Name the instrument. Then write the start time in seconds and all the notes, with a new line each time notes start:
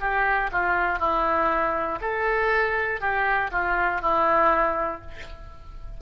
oboe
0.00 G4
0.52 F4
0.99 E4
2.01 A4
3.01 G4
3.52 F4
4.01 E4